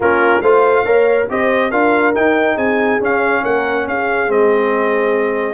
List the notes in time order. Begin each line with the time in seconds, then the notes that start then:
0.00 A#3 C#4 F4 A#4
0.41 A3 F4 C5 F5
0.84 A#3 A#4 C#5
1.29 C4 G4 C5 D#5
1.70 D4 F4 A#4 F5
2.14 D#4 G5
2.55 C4 G#4 G#5
3.00 C#4 F5
3.42 A#3 A#4 F#5
3.87 C#4 G#4 F5
4.27 G#3 C4 D#5